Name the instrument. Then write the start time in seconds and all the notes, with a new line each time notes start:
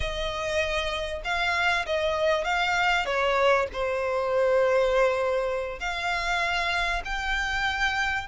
violin
0.00 D#5
1.24 F5
1.85 D#5
2.44 F5
3.05 C#5
3.72 C5
5.79 F5
7.05 G5